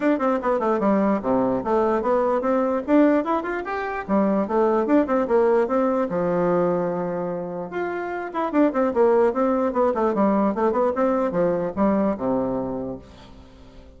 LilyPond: \new Staff \with { instrumentName = "bassoon" } { \time 4/4 \tempo 4 = 148 d'8 c'8 b8 a8 g4 c4 | a4 b4 c'4 d'4 | e'8 f'8 g'4 g4 a4 | d'8 c'8 ais4 c'4 f4~ |
f2. f'4~ | f'8 e'8 d'8 c'8 ais4 c'4 | b8 a8 g4 a8 b8 c'4 | f4 g4 c2 | }